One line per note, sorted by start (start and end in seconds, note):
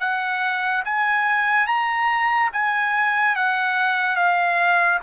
0.00 0.83 F#5
0.85 1.67 G#5
1.67 2.50 A#5
2.53 3.36 G#5
3.36 4.16 F#5
4.16 4.99 F5